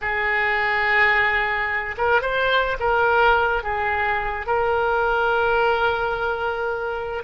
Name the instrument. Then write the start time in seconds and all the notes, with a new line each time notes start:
oboe
0.01 G#4
1.97 A#4
2.21 C5
2.79 A#4
3.63 G#4
4.46 A#4